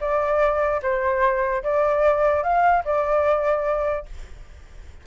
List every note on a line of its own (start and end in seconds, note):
0.00 0.81 D5
0.82 1.63 C5
1.63 2.43 D5
2.43 2.83 F5
2.84 4.05 D5